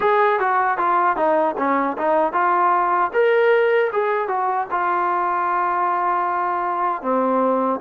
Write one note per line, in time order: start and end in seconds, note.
0.00 0.39 G#4
0.39 0.77 F#4
0.77 1.16 F4
1.16 1.55 D#4
1.57 1.96 C#4
1.97 2.32 D#4
2.32 3.10 F4
3.13 3.91 A#4
3.92 4.28 G#4
4.28 4.66 F#4
4.70 7.02 F4
7.02 7.80 C4